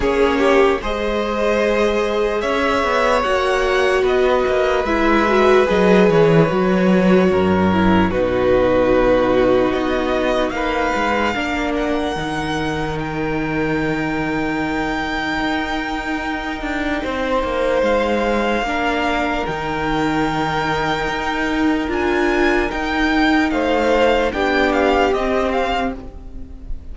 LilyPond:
<<
  \new Staff \with { instrumentName = "violin" } { \time 4/4 \tempo 4 = 74 cis''4 dis''2 e''4 | fis''4 dis''4 e''4 dis''8 cis''8~ | cis''2 b'2 | dis''4 f''4. fis''4. |
g''1~ | g''2 f''2 | g''2. gis''4 | g''4 f''4 g''8 f''8 dis''8 f''8 | }
  \new Staff \with { instrumentName = "violin" } { \time 4/4 gis'8 g'8 c''2 cis''4~ | cis''4 b'2.~ | b'4 ais'4 fis'2~ | fis'4 b'4 ais'2~ |
ais'1~ | ais'4 c''2 ais'4~ | ais'1~ | ais'4 c''4 g'2 | }
  \new Staff \with { instrumentName = "viola" } { \time 4/4 cis'4 gis'2. | fis'2 e'8 fis'8 gis'4 | fis'4. e'8 dis'2~ | dis'2 d'4 dis'4~ |
dis'1~ | dis'2. d'4 | dis'2. f'4 | dis'2 d'4 c'4 | }
  \new Staff \with { instrumentName = "cello" } { \time 4/4 ais4 gis2 cis'8 b8 | ais4 b8 ais8 gis4 fis8 e8 | fis4 fis,4 b,2 | b4 ais8 gis8 ais4 dis4~ |
dis2. dis'4~ | dis'8 d'8 c'8 ais8 gis4 ais4 | dis2 dis'4 d'4 | dis'4 a4 b4 c'4 | }
>>